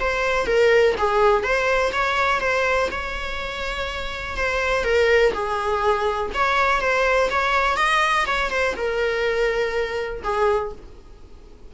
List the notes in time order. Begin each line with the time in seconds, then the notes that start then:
0.00 C5
0.46 A#4
0.98 G#4
1.43 C5
1.92 C#5
2.41 C5
2.91 C#5
4.37 C5
4.84 A#4
5.33 G#4
6.34 C#5
6.81 C5
7.30 C#5
7.77 D#5
8.26 C#5
8.51 C5
8.76 A#4
10.23 G#4